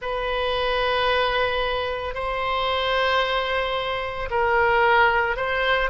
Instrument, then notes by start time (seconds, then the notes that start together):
oboe
0.01 B4
2.14 C5
4.30 A#4
5.36 C5